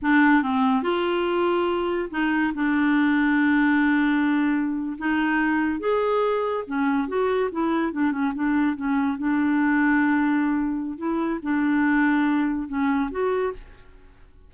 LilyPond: \new Staff \with { instrumentName = "clarinet" } { \time 4/4 \tempo 4 = 142 d'4 c'4 f'2~ | f'4 dis'4 d'2~ | d'2.~ d'8. dis'16~ | dis'4.~ dis'16 gis'2 cis'16~ |
cis'8. fis'4 e'4 d'8 cis'8 d'16~ | d'8. cis'4 d'2~ d'16~ | d'2 e'4 d'4~ | d'2 cis'4 fis'4 | }